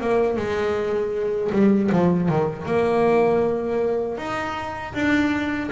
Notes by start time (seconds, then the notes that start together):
0.00 A#3
0.36 G#3
1.52 G3
1.92 F3
2.29 D#3
2.65 A#3
4.17 D#4
4.94 D4